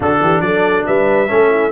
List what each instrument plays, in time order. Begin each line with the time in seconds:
0.00 tuba D3, trombone D4, horn F#4, trumpet A4
0.20 tuba E3, horn G4
0.40 tuba F#3, horn A4, trumpet D5
0.86 tuba G3, horn B4, trumpet E5
1.28 tuba A3, trombone C#4, horn A4
1.50 horn E4